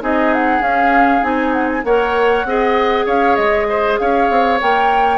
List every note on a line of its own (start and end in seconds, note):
0.00 0.60 C4
0.00 0.61 D#4
0.00 1.85 G#4
0.00 0.34 D#5
0.34 0.62 F#5
0.60 1.21 C#4
0.60 1.23 F5
1.21 1.84 C4
1.21 1.82 D#4
1.21 1.53 G#5
1.53 1.68 F#5
1.69 1.84 G#5
1.84 2.44 A#3
1.84 2.47 A#4
1.84 2.47 C#5
1.84 3.07 F#5
2.44 3.06 C4
2.44 4.60 G#4
2.44 3.06 D#5
3.06 3.37 C#4
3.06 3.67 C#5
3.06 3.35 F5
3.35 3.99 G#3
3.35 3.97 D#5
3.69 4.00 C5
3.98 4.30 C#4
3.98 5.17 C#5
3.98 4.60 F5
4.30 4.61 C4
4.60 5.17 A#3
4.60 5.17 A#4
4.60 5.17 G5